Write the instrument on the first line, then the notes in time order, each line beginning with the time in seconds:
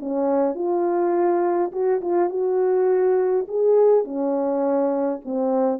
horn
0.00 C#4
0.55 F4
1.72 F#4
2.02 F4
2.30 F#4
3.48 G#4
4.04 C#4
5.25 C4